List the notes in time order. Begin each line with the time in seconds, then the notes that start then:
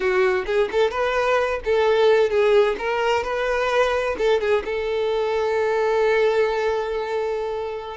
0.00 F#4
0.46 G#4
0.71 A4
0.90 B4
1.64 A4
2.30 G#4
2.78 A#4
3.23 B4
4.18 A4
4.40 G#4
4.64 A4